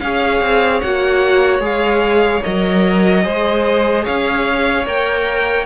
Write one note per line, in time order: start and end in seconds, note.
0.00 0.41 C#4
0.00 0.83 G#4
0.00 3.24 C#5
0.00 0.80 F5
0.41 0.81 C4
0.80 1.59 A#3
0.80 1.61 F#4
0.80 1.61 F#5
1.59 2.40 G#3
1.59 2.42 G#4
1.59 2.43 F5
2.43 3.26 F#3
2.43 3.23 A#4
2.43 4.05 D#5
3.23 4.07 G#3
3.23 4.85 G#4
3.23 4.04 C5
4.04 4.86 C#4
4.04 5.66 C#5
4.04 4.86 F5
4.86 5.66 A#3
4.86 5.66 A#4
4.86 5.66 G5